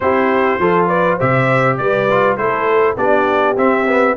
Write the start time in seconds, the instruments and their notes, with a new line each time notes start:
0.00 tuba C4, trombone E4, horn G4, trumpet C5
0.58 tuba F3, trombone F4, horn A4
0.87 horn B4, trumpet D5
1.16 tuba C3, trombone G4, horn C5, trumpet E5
1.77 tuba G3, horn B4, trumpet D5
2.11 trombone F4
2.36 tuba A3, trombone E4, horn A4, trumpet C5
2.95 tuba B3, trombone D4, horn G4, trumpet D5
3.57 trombone C4, tuba C4, trumpet E5
3.87 trombone B3